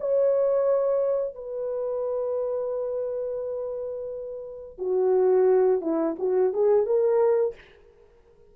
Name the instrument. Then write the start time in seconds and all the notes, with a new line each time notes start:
horn
0.00 C#5
1.35 B4
4.79 F#4
5.81 E4
6.19 F#4
6.53 G#4
6.86 A#4